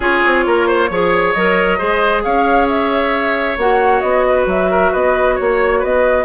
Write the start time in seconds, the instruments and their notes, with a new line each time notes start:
0.00 bassoon C#4, clarinet F4, oboe G#4, flute C#5
0.25 bassoon C4
0.46 bassoon A#3, oboe A#4
0.67 oboe C5
0.89 bassoon F3, clarinet G#4, oboe C#5
1.32 bassoon F#3, clarinet A#4, flute D#5
1.78 bassoon G#3, clarinet G#4, oboe C5
2.23 bassoon C#4, oboe C#5, flute F5
2.68 flute E5
3.57 bassoon A#3, clarinet F#4, flute F#5
4.00 bassoon B3, flute D#5
4.29 oboe B4
4.46 bassoon F#3, flute E5
4.70 oboe A#4
4.91 bassoon B3, oboe B4, flute D#5
5.35 bassoon A#3, oboe C#5, flute C#5
5.79 bassoon B3, oboe B4, flute D#5